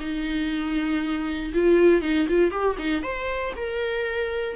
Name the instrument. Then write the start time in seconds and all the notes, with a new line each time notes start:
viola
0.00 D#4
1.54 F4
2.02 D#4
2.29 F4
2.51 G4
2.78 D#4
3.03 C5
3.56 A#4